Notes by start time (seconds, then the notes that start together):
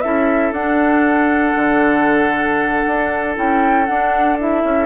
0.00 C#4 E4 A4 E5
0.51 D4 F#5
1.55 D3
2.87 D4
3.34 C#4 E4 G5
3.85 D4 F#5
4.38 E4 E5
4.63 C#4